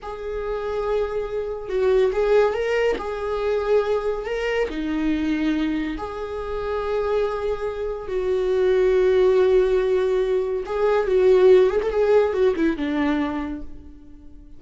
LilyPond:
\new Staff \with { instrumentName = "viola" } { \time 4/4 \tempo 4 = 141 gis'1 | fis'4 gis'4 ais'4 gis'4~ | gis'2 ais'4 dis'4~ | dis'2 gis'2~ |
gis'2. fis'4~ | fis'1~ | fis'4 gis'4 fis'4. gis'16 a'16 | gis'4 fis'8 e'8 d'2 | }